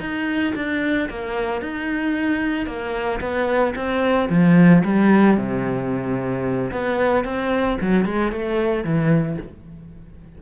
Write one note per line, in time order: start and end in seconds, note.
0.00 0.54 D#4
0.55 1.08 D4
1.09 1.61 A#3
1.61 2.66 D#4
2.66 3.20 A#3
3.20 3.74 B3
3.75 4.29 C4
4.29 4.83 F3
4.84 5.37 G3
5.37 6.71 C3
6.71 7.24 B3
7.24 7.78 C4
7.80 8.05 F#3
8.05 8.32 G#3
8.32 8.84 A3
8.84 9.37 E3